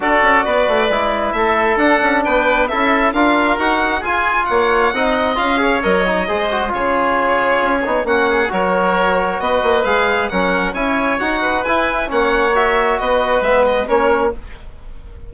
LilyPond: <<
  \new Staff \with { instrumentName = "violin" } { \time 4/4 \tempo 4 = 134 d''2. e''4 | fis''4 g''4 e''4 f''4 | fis''4 gis''4 fis''2 | f''4 dis''2 cis''4~ |
cis''2 fis''4 cis''4~ | cis''4 dis''4 f''4 fis''4 | gis''4 fis''4 gis''4 fis''4 | e''4 dis''4 e''8 dis''8 cis''4 | }
  \new Staff \with { instrumentName = "oboe" } { \time 4/4 a'4 b'2 a'4~ | a'4 b'4 a'4 ais'4~ | ais'4 gis'4 cis''4 dis''4~ | dis''8 cis''4. c''4 gis'4~ |
gis'2 fis'8 gis'8 ais'4~ | ais'4 b'2 ais'4 | cis''4. b'4. cis''4~ | cis''4 b'2 ais'4 | }
  \new Staff \with { instrumentName = "trombone" } { \time 4/4 fis'2 e'2 | d'2 e'4 f'4 | fis'4 f'2 dis'4 | f'8 gis'8 ais'8 dis'8 gis'8 fis'8 f'4~ |
f'4. dis'8 cis'4 fis'4~ | fis'2 gis'4 cis'4 | e'4 fis'4 e'4 cis'4 | fis'2 b4 cis'4 | }
  \new Staff \with { instrumentName = "bassoon" } { \time 4/4 d'8 cis'8 b8 a8 gis4 a4 | d'8 cis'8 b4 cis'4 d'4 | dis'4 f'4 ais4 c'4 | cis'4 fis4 gis4 cis4~ |
cis4 cis'8 b8 ais4 fis4~ | fis4 b8 ais8 gis4 fis4 | cis'4 dis'4 e'4 ais4~ | ais4 b4 gis4 ais4 | }
>>